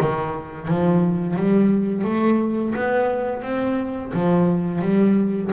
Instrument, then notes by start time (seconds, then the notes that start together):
double bass
0.00 D#3
0.67 F3
1.36 G3
2.04 A3
2.75 B3
3.42 C4
4.13 F3
4.81 G3